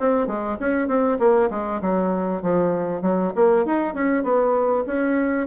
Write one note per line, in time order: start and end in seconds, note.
0.00 0.27 C4
0.27 0.58 G#3
0.60 0.88 C#4
0.88 1.18 C4
1.19 1.50 A#3
1.50 1.81 G#3
1.81 2.42 F#3
2.42 3.02 F3
3.02 3.33 F#3
3.35 3.66 A#3
3.66 3.94 D#4
3.94 4.23 C#4
4.23 4.85 B3
4.87 5.47 C#4